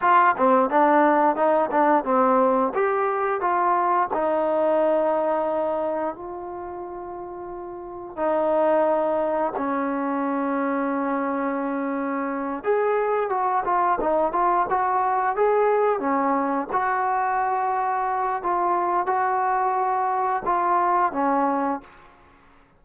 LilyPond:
\new Staff \with { instrumentName = "trombone" } { \time 4/4 \tempo 4 = 88 f'8 c'8 d'4 dis'8 d'8 c'4 | g'4 f'4 dis'2~ | dis'4 f'2. | dis'2 cis'2~ |
cis'2~ cis'8 gis'4 fis'8 | f'8 dis'8 f'8 fis'4 gis'4 cis'8~ | cis'8 fis'2~ fis'8 f'4 | fis'2 f'4 cis'4 | }